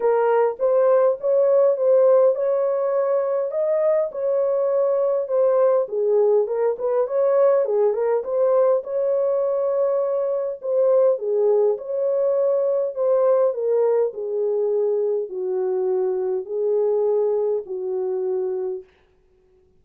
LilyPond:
\new Staff \with { instrumentName = "horn" } { \time 4/4 \tempo 4 = 102 ais'4 c''4 cis''4 c''4 | cis''2 dis''4 cis''4~ | cis''4 c''4 gis'4 ais'8 b'8 | cis''4 gis'8 ais'8 c''4 cis''4~ |
cis''2 c''4 gis'4 | cis''2 c''4 ais'4 | gis'2 fis'2 | gis'2 fis'2 | }